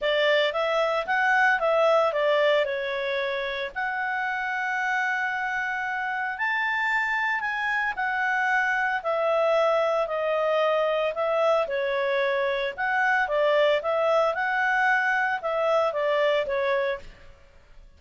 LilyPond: \new Staff \with { instrumentName = "clarinet" } { \time 4/4 \tempo 4 = 113 d''4 e''4 fis''4 e''4 | d''4 cis''2 fis''4~ | fis''1 | a''2 gis''4 fis''4~ |
fis''4 e''2 dis''4~ | dis''4 e''4 cis''2 | fis''4 d''4 e''4 fis''4~ | fis''4 e''4 d''4 cis''4 | }